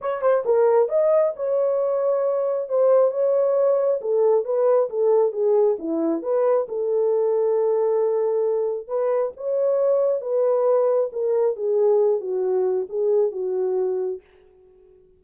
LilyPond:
\new Staff \with { instrumentName = "horn" } { \time 4/4 \tempo 4 = 135 cis''8 c''8 ais'4 dis''4 cis''4~ | cis''2 c''4 cis''4~ | cis''4 a'4 b'4 a'4 | gis'4 e'4 b'4 a'4~ |
a'1 | b'4 cis''2 b'4~ | b'4 ais'4 gis'4. fis'8~ | fis'4 gis'4 fis'2 | }